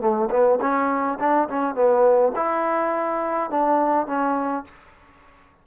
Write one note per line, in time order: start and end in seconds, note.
0.00 0.29 A3
0.30 0.59 B3
0.61 1.18 C#4
1.20 1.48 D4
1.49 1.74 C#4
1.74 2.32 B3
2.35 3.50 E4
3.50 4.07 D4
4.07 4.64 C#4